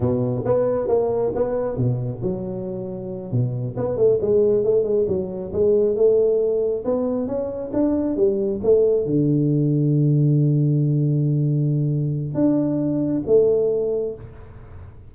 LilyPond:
\new Staff \with { instrumentName = "tuba" } { \time 4/4 \tempo 4 = 136 b,4 b4 ais4 b4 | b,4 fis2~ fis8 b,8~ | b,8 b8 a8 gis4 a8 gis8 fis8~ | fis8 gis4 a2 b8~ |
b8 cis'4 d'4 g4 a8~ | a8 d2.~ d8~ | d1 | d'2 a2 | }